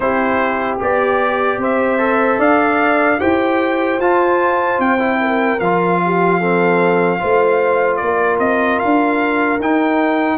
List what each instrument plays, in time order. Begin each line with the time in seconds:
0.00 tuba C4, trombone E4, horn G4, trumpet C5
0.79 tuba B3, trombone G4, trumpet D5
1.57 tuba C4, horn C5, trumpet E5
1.98 trombone A4
2.38 tuba D4, horn D5, trumpet F5
3.19 tuba E4, trombone G4, horn C5, trumpet G5
3.98 tuba F4, trombone F4, trumpet A5
4.78 tuba C4, trumpet G5
4.98 trombone E4
5.20 horn A#4
5.59 tuba F3, trombone F4, trumpet F5
6.04 horn G4
6.39 trombone C4, horn A4
7.19 tuba A3, trombone F4, horn C5
7.96 tuba A#3, trumpet D5
8.03 horn A#4
8.39 tuba C4, trumpet D#5
8.79 tuba D4, trumpet F5
9.59 tuba D#4, trombone D#4, trumpet G5